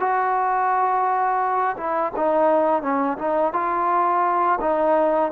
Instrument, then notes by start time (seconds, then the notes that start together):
trombone
0.00 F#4
1.77 E4
2.17 D#4
2.83 C#4
3.19 D#4
3.54 F4
4.61 D#4